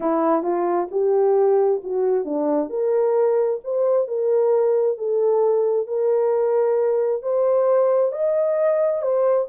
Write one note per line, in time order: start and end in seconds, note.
0.00 0.43 E4
0.43 0.88 F4
0.91 1.81 G4
1.83 2.24 F#4
2.24 2.69 D4
2.69 3.60 A#4
3.64 4.07 C5
4.07 4.97 A#4
4.97 5.87 A4
5.87 7.22 A#4
7.22 8.11 C5
8.11 9.02 D#5
9.02 9.47 C5